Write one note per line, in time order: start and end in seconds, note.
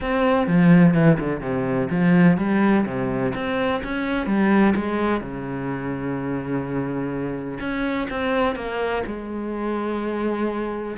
0.00 0.47 C4
0.47 0.94 F3
0.94 1.18 E3
1.19 1.40 D3
1.40 1.88 C3
1.90 2.37 F3
2.37 2.85 G3
2.85 3.33 C3
3.35 3.82 C4
3.83 4.26 C#4
4.26 4.74 G3
4.75 5.20 G#3
5.20 7.58 C#3
7.60 8.07 C#4
8.10 8.55 C4
8.55 9.03 A#3
9.06 10.97 G#3